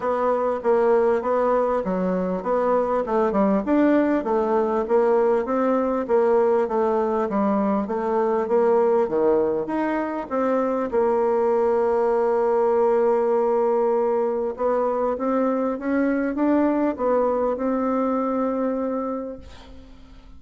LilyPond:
\new Staff \with { instrumentName = "bassoon" } { \time 4/4 \tempo 4 = 99 b4 ais4 b4 fis4 | b4 a8 g8 d'4 a4 | ais4 c'4 ais4 a4 | g4 a4 ais4 dis4 |
dis'4 c'4 ais2~ | ais1 | b4 c'4 cis'4 d'4 | b4 c'2. | }